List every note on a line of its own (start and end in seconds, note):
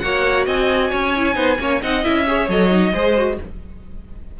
0.00 0.47 A#3
0.00 1.14 F#4
0.00 0.46 C#5
0.00 0.45 F#5
0.46 0.92 C4
0.46 0.90 D#5
0.46 1.82 G#5
0.90 1.36 C#4
0.90 1.35 C#5
1.16 1.34 E4
1.34 1.59 B3
1.34 1.56 D#4
1.34 1.58 C5
1.59 1.82 A#3
1.59 1.82 C#4
1.59 1.82 C#5
1.82 2.05 C4
1.82 2.03 D#4
1.82 2.27 D#5
1.82 2.04 F#5
2.03 2.48 C#4
2.03 2.26 E4
2.03 2.49 E5
2.27 2.49 G#4
2.27 2.94 C#5
2.48 2.93 F#3
2.48 2.71 A4
2.48 3.40 D#5
2.71 2.93 D#4
2.94 3.39 G#3
2.94 3.17 G#4
2.94 3.38 C5
3.17 3.40 F#4